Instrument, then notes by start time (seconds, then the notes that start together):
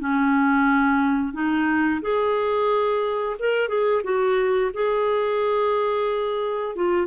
clarinet
0.00 C#4
1.34 D#4
2.02 G#4
3.40 A#4
3.69 G#4
4.04 F#4
4.74 G#4
6.76 F4